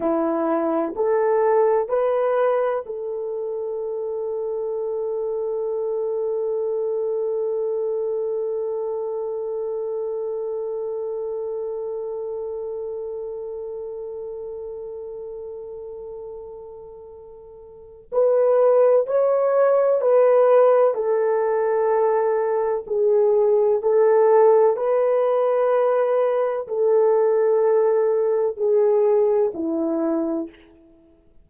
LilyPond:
\new Staff \with { instrumentName = "horn" } { \time 4/4 \tempo 4 = 63 e'4 a'4 b'4 a'4~ | a'1~ | a'1~ | a'1~ |
a'2. b'4 | cis''4 b'4 a'2 | gis'4 a'4 b'2 | a'2 gis'4 e'4 | }